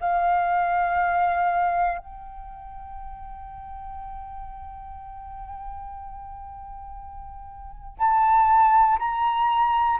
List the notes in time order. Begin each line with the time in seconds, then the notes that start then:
0.00 F5
1.98 G5
7.98 A5
8.99 A#5